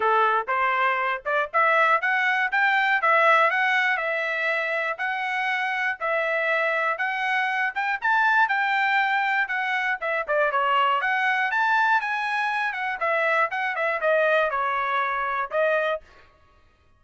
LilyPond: \new Staff \with { instrumentName = "trumpet" } { \time 4/4 \tempo 4 = 120 a'4 c''4. d''8 e''4 | fis''4 g''4 e''4 fis''4 | e''2 fis''2 | e''2 fis''4. g''8 |
a''4 g''2 fis''4 | e''8 d''8 cis''4 fis''4 a''4 | gis''4. fis''8 e''4 fis''8 e''8 | dis''4 cis''2 dis''4 | }